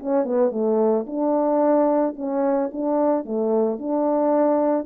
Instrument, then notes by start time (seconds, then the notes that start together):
horn
0.00 C#4
0.25 B3
0.51 A3
1.07 D4
2.16 C#4
2.72 D4
3.25 A3
3.79 D4